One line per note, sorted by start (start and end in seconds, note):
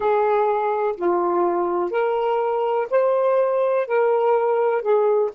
0.00 0.95 G#4
0.96 1.90 F4
1.90 2.87 A#4
2.90 3.87 C5
3.87 4.82 A#4
4.82 5.30 G#4